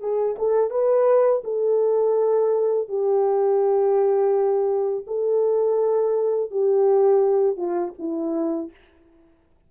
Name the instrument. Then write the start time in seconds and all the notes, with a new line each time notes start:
horn
0.00 G#4
0.38 A4
0.70 B4
1.44 A4
2.88 G4
5.06 A4
6.51 G4
7.56 F4
7.98 E4